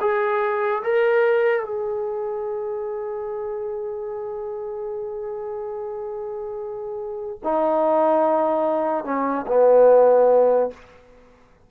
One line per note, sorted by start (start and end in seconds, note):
0.00 0.82 G#4
0.83 1.64 A#4
1.64 7.39 G#4
7.44 9.04 D#4
9.04 9.45 C#4
9.47 10.70 B3